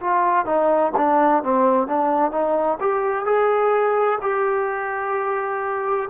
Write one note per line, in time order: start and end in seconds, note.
0.00 0.45 F4
0.45 0.92 D#4
0.96 1.43 D4
1.43 1.87 C4
1.87 2.31 D4
2.31 2.78 D#4
2.80 3.25 G4
3.25 4.19 G#4
4.21 6.09 G4